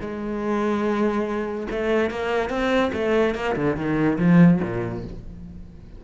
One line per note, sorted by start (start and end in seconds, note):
0.00 1.67 G#3
1.70 2.10 A3
2.10 2.49 A#3
2.49 2.91 C4
2.93 3.34 A3
3.34 3.55 A#3
3.56 3.76 D3
3.76 4.17 D#3
4.18 4.60 F3
4.62 5.03 A#2